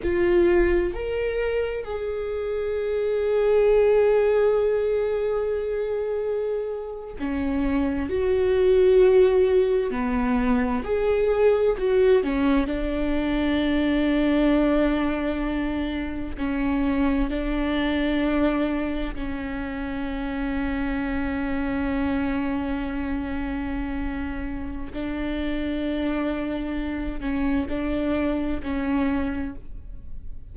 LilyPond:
\new Staff \with { instrumentName = "viola" } { \time 4/4 \tempo 4 = 65 f'4 ais'4 gis'2~ | gis'2.~ gis'8. cis'16~ | cis'8. fis'2 b4 gis'16~ | gis'8. fis'8 cis'8 d'2~ d'16~ |
d'4.~ d'16 cis'4 d'4~ d'16~ | d'8. cis'2.~ cis'16~ | cis'2. d'4~ | d'4. cis'8 d'4 cis'4 | }